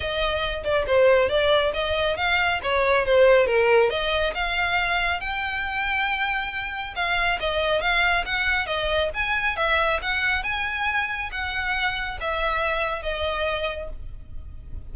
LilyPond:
\new Staff \with { instrumentName = "violin" } { \time 4/4 \tempo 4 = 138 dis''4. d''8 c''4 d''4 | dis''4 f''4 cis''4 c''4 | ais'4 dis''4 f''2 | g''1 |
f''4 dis''4 f''4 fis''4 | dis''4 gis''4 e''4 fis''4 | gis''2 fis''2 | e''2 dis''2 | }